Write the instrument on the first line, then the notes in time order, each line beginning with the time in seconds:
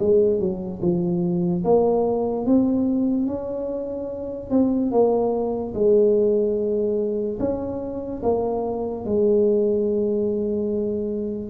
tuba
0.00 G#3
0.40 F#3
0.82 F3
1.64 A#3
2.46 C4
3.27 C#4
4.50 C4
4.91 A#3
5.74 G#3
7.40 C#4
8.23 A#3
9.05 G#3